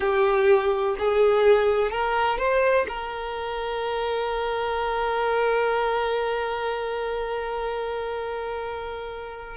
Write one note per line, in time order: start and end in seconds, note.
0.00 0.96 G4
0.98 1.91 G#4
1.91 2.38 A#4
2.38 2.86 C5
2.88 9.57 A#4